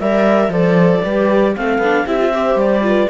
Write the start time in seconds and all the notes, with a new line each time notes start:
0.00 G3 A#4 D5 E5
0.49 F3 A4 C5 D5
1.03 G3 G4 B4
1.56 A3 C4 A4 F5
1.78 B3 D4
2.06 C4 E4 G4 E5
2.19 F4
2.33 G4 C5
2.55 G3 D5
2.83 F4 B4